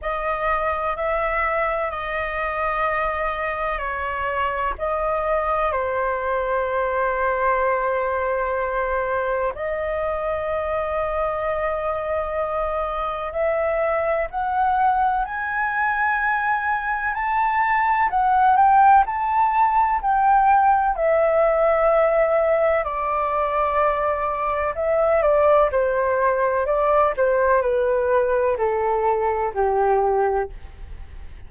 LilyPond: \new Staff \with { instrumentName = "flute" } { \time 4/4 \tempo 4 = 63 dis''4 e''4 dis''2 | cis''4 dis''4 c''2~ | c''2 dis''2~ | dis''2 e''4 fis''4 |
gis''2 a''4 fis''8 g''8 | a''4 g''4 e''2 | d''2 e''8 d''8 c''4 | d''8 c''8 b'4 a'4 g'4 | }